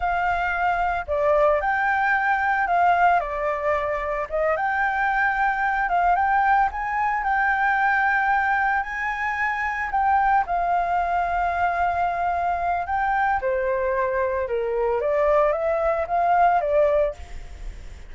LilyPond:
\new Staff \with { instrumentName = "flute" } { \time 4/4 \tempo 4 = 112 f''2 d''4 g''4~ | g''4 f''4 d''2 | dis''8 g''2~ g''8 f''8 g''8~ | g''8 gis''4 g''2~ g''8~ |
g''8 gis''2 g''4 f''8~ | f''1 | g''4 c''2 ais'4 | d''4 e''4 f''4 d''4 | }